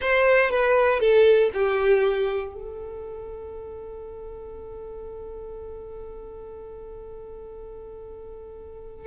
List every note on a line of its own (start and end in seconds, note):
0.01 0.50 C5
0.50 1.00 B4
1.00 1.50 A4
1.53 2.54 G4
2.54 9.06 A4